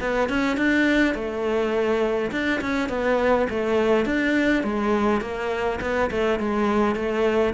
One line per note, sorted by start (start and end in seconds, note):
0.00 0.29 B3
0.29 0.57 C#4
0.57 1.14 D4
1.14 2.31 A3
2.31 2.60 D4
2.61 2.89 C#4
2.89 3.47 B3
3.50 4.05 A3
4.05 4.63 D4
4.63 5.21 G#3
5.21 5.79 A#3
5.81 6.10 B3
6.10 6.39 A3
6.39 6.95 G#3
6.95 7.53 A3